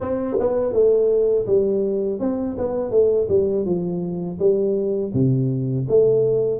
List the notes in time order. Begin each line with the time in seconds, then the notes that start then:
0.00 C4
0.39 B3
0.72 A3
1.46 G3
2.20 C4
2.57 B3
2.90 A3
3.29 G3
3.65 F3
4.39 G3
5.13 C3
5.88 A3